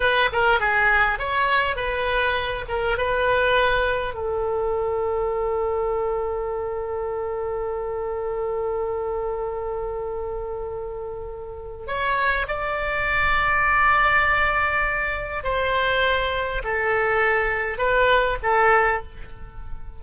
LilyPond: \new Staff \with { instrumentName = "oboe" } { \time 4/4 \tempo 4 = 101 b'8 ais'8 gis'4 cis''4 b'4~ | b'8 ais'8 b'2 a'4~ | a'1~ | a'1~ |
a'1 | cis''4 d''2.~ | d''2 c''2 | a'2 b'4 a'4 | }